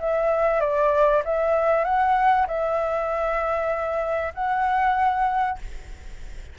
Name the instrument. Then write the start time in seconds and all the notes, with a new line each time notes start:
flute
0.00 E5
0.61 D5
1.25 E5
1.85 F#5
2.48 E5
4.35 F#5